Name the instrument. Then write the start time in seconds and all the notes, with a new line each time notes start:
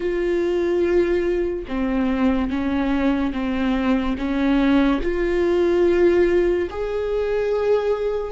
viola
0.00 F4
1.67 C4
2.50 C#4
3.33 C4
4.17 C#4
5.02 F4
6.70 G#4